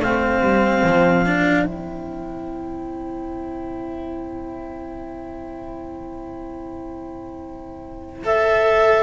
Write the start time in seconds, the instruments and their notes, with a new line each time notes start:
0.00 double bass A3, cello C4, violin C5, clarinet F5
0.41 double bass G3
0.83 double bass F3
1.26 cello D4
1.65 double bass C4, cello E4, clarinet G5
8.24 cello A4, clarinet E5